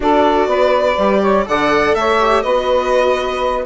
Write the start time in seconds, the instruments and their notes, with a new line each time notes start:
0.00 bassoon D4, viola F#4, saxophone A4, violin D5
0.47 bassoon B3, saxophone B4
0.97 bassoon G3, viola G4
1.21 saxophone C#5
1.45 bassoon D3, viola A4, saxophone D5, violin F#5
1.94 bassoon A3, saxophone C#5, violin E5
2.20 viola G4
2.42 bassoon B3, viola F#4, saxophone B4, violin D#5